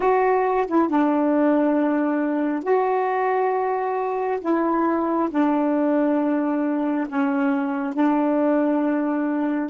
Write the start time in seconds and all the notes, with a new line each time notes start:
0.00 F#4
0.67 E4
0.89 D4
2.63 F#4
4.40 E4
5.30 D4
7.08 C#4
7.93 D4